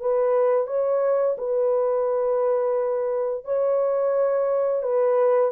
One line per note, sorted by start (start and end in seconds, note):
0.00 0.67 B4
0.67 1.36 C#5
1.38 3.45 B4
3.45 4.82 C#5
4.82 5.51 B4